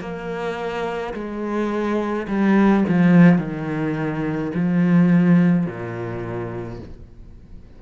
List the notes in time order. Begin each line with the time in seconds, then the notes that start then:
0.00 A#3
1.14 G#3
2.27 G3
2.88 F3
3.38 D#3
4.54 F3
5.66 A#2